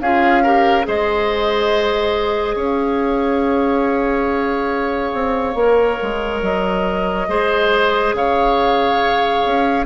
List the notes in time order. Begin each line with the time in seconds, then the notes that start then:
0.00 C#4 F4 G#4 F5
0.42 G4 A#4
0.83 G#3 G#4 C5 D#5
2.55 C#4 C#5 F5
5.13 C4
5.54 A#3 A#4
6.02 G#3
6.42 F#3 D#5
7.28 G#3 G#4 C5
8.13 C#3 C#5 F5
9.45 C#4